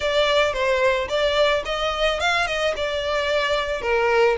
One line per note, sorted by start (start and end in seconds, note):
0.00 0.53 D5
0.53 1.08 C5
1.08 1.63 D5
1.65 2.20 D#5
2.20 2.46 F5
2.46 2.74 D#5
2.76 3.81 D5
3.81 4.36 A#4